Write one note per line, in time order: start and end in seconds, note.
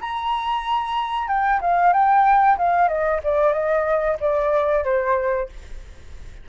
0.00 1.27 A#5
1.27 1.60 G5
1.61 1.93 F5
1.93 2.57 G5
2.57 2.88 F5
2.88 3.20 D#5
3.23 3.52 D5
3.52 4.17 D#5
4.20 4.84 D5
4.84 5.48 C5